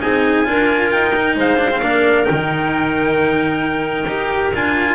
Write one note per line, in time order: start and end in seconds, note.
0.00 0.47 C4
0.00 0.44 D#4
0.00 0.47 G#4
0.00 0.90 G#5
0.44 0.92 D4
0.44 1.12 F4
0.44 1.37 A#4
0.90 1.36 D#4
0.90 1.35 G5
1.15 1.58 D#4
1.36 1.81 G#3
1.36 1.82 C5
1.36 2.25 F5
1.58 1.70 D4
1.70 1.81 C4
1.81 2.28 A#3
1.81 2.24 D4
1.81 4.95 A#4
2.24 4.06 D#3
2.24 4.05 D#4
2.24 4.50 G5
4.06 4.52 D#4
4.06 4.53 G4
4.54 4.95 D4
4.54 4.95 F4
4.54 4.95 G#5